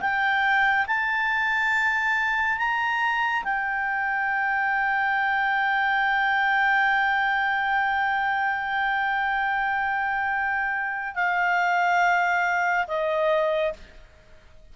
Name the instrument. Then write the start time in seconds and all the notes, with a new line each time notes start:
clarinet
0.00 G5
0.86 A5
2.57 A#5
3.43 G5
11.14 F5
12.87 D#5